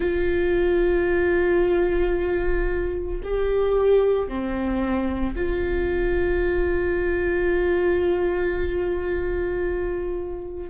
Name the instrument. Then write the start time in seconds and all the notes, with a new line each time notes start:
viola
0.00 F4
3.23 G4
4.28 C4
5.35 F4